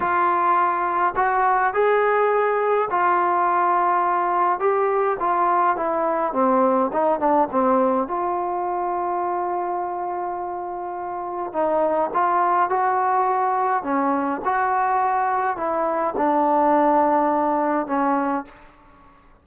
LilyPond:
\new Staff \with { instrumentName = "trombone" } { \time 4/4 \tempo 4 = 104 f'2 fis'4 gis'4~ | gis'4 f'2. | g'4 f'4 e'4 c'4 | dis'8 d'8 c'4 f'2~ |
f'1 | dis'4 f'4 fis'2 | cis'4 fis'2 e'4 | d'2. cis'4 | }